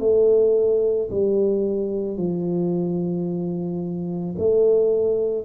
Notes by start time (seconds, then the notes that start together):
0.00 A3
1.11 G3
2.18 F3
4.38 A3